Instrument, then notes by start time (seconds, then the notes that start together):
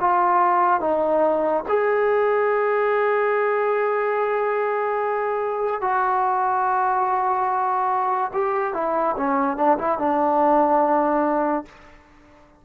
trombone
0.00 F4
0.80 D#4
1.68 G#4
5.81 F#4
8.33 G4
8.73 E4
9.17 C#4
9.56 D4
9.78 E4
9.98 D4